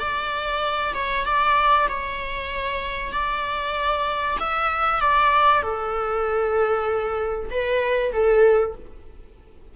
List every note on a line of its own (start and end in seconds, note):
0.00 0.94 D5
0.95 1.26 C#5
1.26 1.88 D5
1.89 3.13 C#5
3.13 4.38 D5
4.40 5.01 E5
5.01 5.62 D5
5.62 7.50 A4
7.51 8.13 B4
8.13 8.76 A4